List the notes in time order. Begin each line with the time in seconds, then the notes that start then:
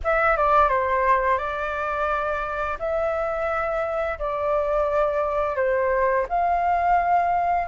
0.03 E5
0.36 D5
0.68 C5
1.38 D5
2.79 E5
4.18 D5
5.56 C5
6.28 F5